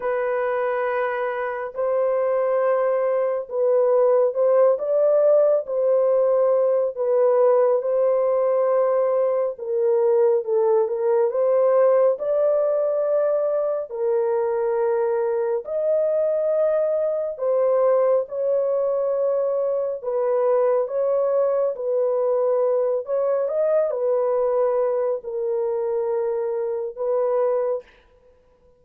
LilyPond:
\new Staff \with { instrumentName = "horn" } { \time 4/4 \tempo 4 = 69 b'2 c''2 | b'4 c''8 d''4 c''4. | b'4 c''2 ais'4 | a'8 ais'8 c''4 d''2 |
ais'2 dis''2 | c''4 cis''2 b'4 | cis''4 b'4. cis''8 dis''8 b'8~ | b'4 ais'2 b'4 | }